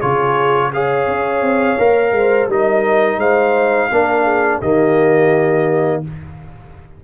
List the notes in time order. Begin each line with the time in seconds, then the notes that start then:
0.00 C#3 F4 G#4 C#5
0.74 G#4 C#5 F5
1.07 C#4
1.41 C4
1.79 A#3 A#4
2.11 G#3 C5
2.48 G3 D#4 A#4 D#5
3.17 G#3 C5 F5
3.91 A#3 D4 A#4
4.24 G#4
4.61 D#3 A#3 G4 D#5